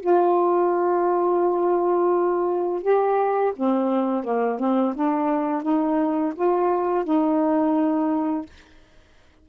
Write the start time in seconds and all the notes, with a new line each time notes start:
0.00 F4
2.82 G4
3.56 C4
4.24 A#3
4.59 C4
4.95 D4
5.62 D#4
6.35 F4
7.04 D#4